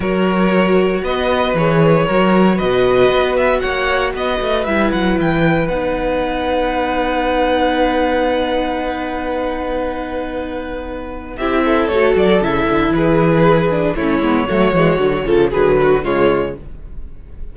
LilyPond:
<<
  \new Staff \with { instrumentName = "violin" } { \time 4/4 \tempo 4 = 116 cis''2 dis''4 cis''4~ | cis''4 dis''4. e''8 fis''4 | dis''4 e''8 fis''8 g''4 fis''4~ | fis''1~ |
fis''1~ | fis''2 e''4 cis''8 d''8 | e''4 b'2 cis''4~ | cis''2 b'4 cis''4 | }
  \new Staff \with { instrumentName = "violin" } { \time 4/4 ais'2 b'2 | ais'4 b'2 cis''4 | b'1~ | b'1~ |
b'1~ | b'2 g'8 a'4.~ | a'4 gis'2 e'4 | fis'4. a'8 gis'8 fis'8 f'4 | }
  \new Staff \with { instrumentName = "viola" } { \time 4/4 fis'2. gis'4 | fis'1~ | fis'4 e'2 dis'4~ | dis'1~ |
dis'1~ | dis'2 e'4 fis'4 | e'2~ e'8 d'8 cis'8 b8 | a8 gis8 fis8 f8 fis4 gis4 | }
  \new Staff \with { instrumentName = "cello" } { \time 4/4 fis2 b4 e4 | fis4 b,4 b4 ais4 | b8 a8 g8 fis8 e4 b4~ | b1~ |
b1~ | b2 c'4 a8 fis8 | cis8 d8 e2 a8 gis8 | fis8 e8 d8 cis8 d4 cis4 | }
>>